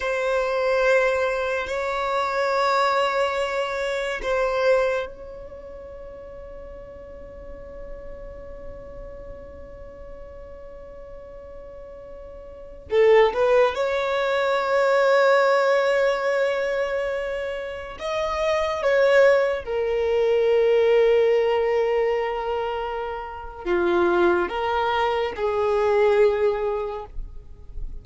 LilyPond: \new Staff \with { instrumentName = "violin" } { \time 4/4 \tempo 4 = 71 c''2 cis''2~ | cis''4 c''4 cis''2~ | cis''1~ | cis''2.~ cis''16 a'8 b'16~ |
b'16 cis''2.~ cis''8.~ | cis''4~ cis''16 dis''4 cis''4 ais'8.~ | ais'1 | f'4 ais'4 gis'2 | }